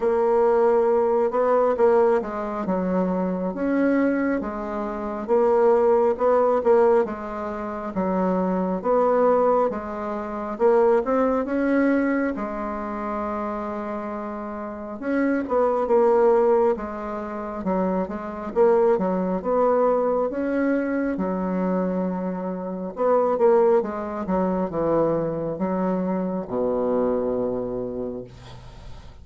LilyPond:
\new Staff \with { instrumentName = "bassoon" } { \time 4/4 \tempo 4 = 68 ais4. b8 ais8 gis8 fis4 | cis'4 gis4 ais4 b8 ais8 | gis4 fis4 b4 gis4 | ais8 c'8 cis'4 gis2~ |
gis4 cis'8 b8 ais4 gis4 | fis8 gis8 ais8 fis8 b4 cis'4 | fis2 b8 ais8 gis8 fis8 | e4 fis4 b,2 | }